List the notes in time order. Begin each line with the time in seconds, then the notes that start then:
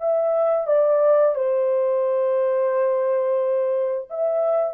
0.00 E5
0.67 D5
1.35 C5
4.10 E5